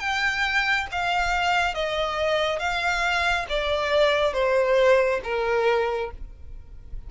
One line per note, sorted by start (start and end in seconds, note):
0.00 0.87 G5
0.92 1.74 F5
1.74 2.59 D#5
2.59 3.46 F5
3.49 4.33 D5
4.33 5.20 C5
5.24 6.11 A#4